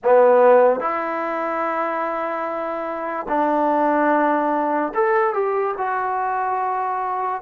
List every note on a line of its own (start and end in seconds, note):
0.03 0.80 B3
0.80 3.26 E4
3.28 4.92 D4
4.94 5.33 A4
5.33 5.75 G4
5.77 7.42 F#4